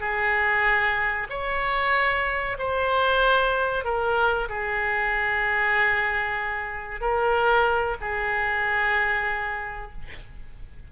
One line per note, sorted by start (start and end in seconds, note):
0.00 1.28 G#4
1.30 2.57 C#5
2.59 3.85 C5
3.85 4.49 A#4
4.49 7.01 G#4
7.01 7.96 A#4
8.01 9.92 G#4